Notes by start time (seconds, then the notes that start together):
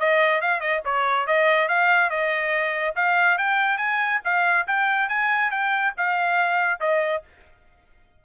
0.00 D#5
0.42 F5
0.61 D#5
0.85 C#5
1.27 D#5
1.69 F5
2.10 D#5
2.96 F5
3.38 G5
3.78 G#5
4.25 F5
4.68 G5
5.09 G#5
5.51 G5
5.98 F5
6.81 D#5